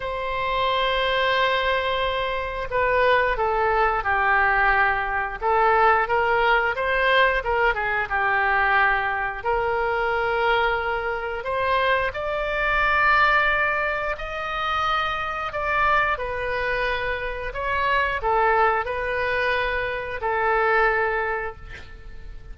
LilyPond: \new Staff \with { instrumentName = "oboe" } { \time 4/4 \tempo 4 = 89 c''1 | b'4 a'4 g'2 | a'4 ais'4 c''4 ais'8 gis'8 | g'2 ais'2~ |
ais'4 c''4 d''2~ | d''4 dis''2 d''4 | b'2 cis''4 a'4 | b'2 a'2 | }